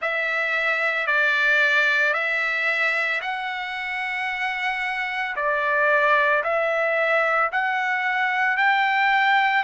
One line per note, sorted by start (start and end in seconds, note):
0.01 1.07 E5
1.07 2.13 D5
2.13 3.20 E5
3.21 5.35 F#5
5.36 6.43 D5
6.43 7.50 E5
7.51 8.57 F#5
8.57 9.63 G5